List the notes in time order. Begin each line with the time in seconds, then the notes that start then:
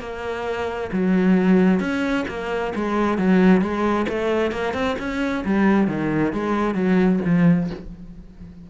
0.00 A#3
0.92 F#3
1.80 C#4
2.28 A#3
2.75 G#3
3.18 F#3
3.61 G#3
4.09 A3
4.52 A#3
4.73 C4
4.99 C#4
5.45 G3
5.87 D#3
6.33 G#3
6.74 F#3
7.25 F3